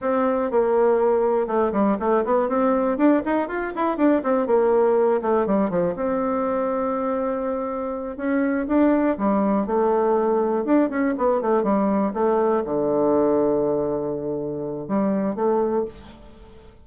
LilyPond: \new Staff \with { instrumentName = "bassoon" } { \time 4/4 \tempo 4 = 121 c'4 ais2 a8 g8 | a8 b8 c'4 d'8 dis'8 f'8 e'8 | d'8 c'8 ais4. a8 g8 f8 | c'1~ |
c'8 cis'4 d'4 g4 a8~ | a4. d'8 cis'8 b8 a8 g8~ | g8 a4 d2~ d8~ | d2 g4 a4 | }